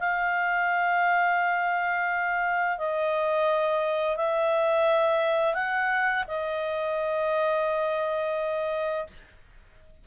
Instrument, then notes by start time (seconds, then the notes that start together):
clarinet
0.00 F5
2.78 D#5
4.17 E5
5.54 F#5
6.28 D#5